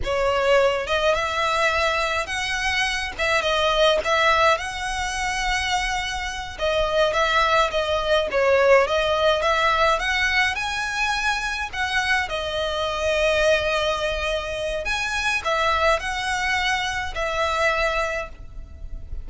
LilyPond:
\new Staff \with { instrumentName = "violin" } { \time 4/4 \tempo 4 = 105 cis''4. dis''8 e''2 | fis''4. e''8 dis''4 e''4 | fis''2.~ fis''8 dis''8~ | dis''8 e''4 dis''4 cis''4 dis''8~ |
dis''8 e''4 fis''4 gis''4.~ | gis''8 fis''4 dis''2~ dis''8~ | dis''2 gis''4 e''4 | fis''2 e''2 | }